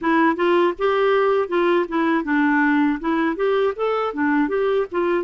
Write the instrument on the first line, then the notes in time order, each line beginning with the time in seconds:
clarinet
0.01 E4
0.35 F4
0.78 G4
1.48 F4
1.88 E4
2.24 D4
3.00 E4
3.36 G4
3.76 A4
4.13 D4
4.48 G4
4.91 F4